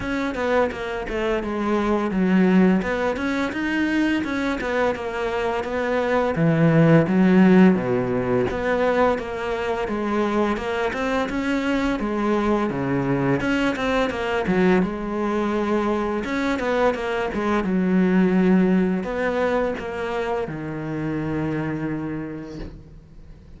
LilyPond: \new Staff \with { instrumentName = "cello" } { \time 4/4 \tempo 4 = 85 cis'8 b8 ais8 a8 gis4 fis4 | b8 cis'8 dis'4 cis'8 b8 ais4 | b4 e4 fis4 b,4 | b4 ais4 gis4 ais8 c'8 |
cis'4 gis4 cis4 cis'8 c'8 | ais8 fis8 gis2 cis'8 b8 | ais8 gis8 fis2 b4 | ais4 dis2. | }